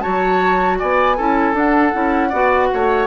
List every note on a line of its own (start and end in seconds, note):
0.00 0.81 F#3
0.00 1.14 F#4
0.00 0.78 C#5
0.00 0.76 A5
0.78 1.18 B3
0.78 1.16 D5
0.78 1.55 G#5
1.17 1.53 C#4
1.17 1.53 E4
1.17 2.29 A4
1.53 1.91 D4
1.53 3.07 F#5
1.92 2.32 C#4
1.92 2.30 E4
2.29 2.70 B3
2.29 3.07 F#4
2.29 2.67 D5
2.73 3.07 A3
2.73 3.07 C#5